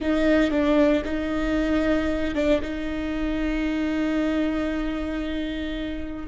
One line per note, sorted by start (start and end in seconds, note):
0.00 0.50 D#4
0.50 1.02 D4
1.04 2.35 D#4
2.35 2.61 D4
2.61 6.27 D#4